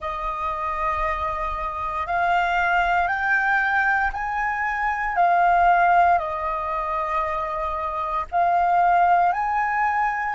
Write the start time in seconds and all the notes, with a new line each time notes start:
0.00 D#5
2.06 F5
3.07 G5
4.13 G#5
5.16 F5
6.18 D#5
8.31 F5
9.32 G#5